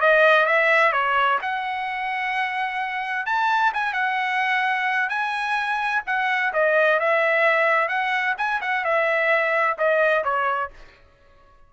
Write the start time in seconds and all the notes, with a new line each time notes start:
0.00 D#5
0.46 E5
0.92 C#5
1.41 F#5
3.26 A5
3.73 G#5
3.93 F#5
5.09 G#5
6.06 F#5
6.53 D#5
6.99 E5
7.88 F#5
8.37 G#5
8.61 F#5
8.84 E5
9.77 D#5
10.23 C#5